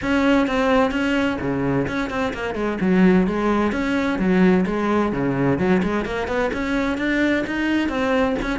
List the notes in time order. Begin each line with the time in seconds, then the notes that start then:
0.01 C#4
0.47 C4
0.91 C#4
1.40 C#3
1.87 C#4
2.10 C4
2.33 A#3
2.54 G#3
2.81 F#3
3.27 G#3
3.72 C#4
4.18 F#3
4.66 G#3
5.12 C#3
5.58 F#3
5.82 G#3
6.05 A#3
6.27 B3
6.53 C#4
6.97 D4
7.46 D#4
7.89 C4
8.42 C#4